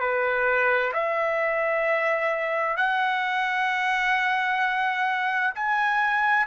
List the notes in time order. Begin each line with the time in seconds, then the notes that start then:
0.00 B4
0.93 E5
2.77 F#5
5.55 G#5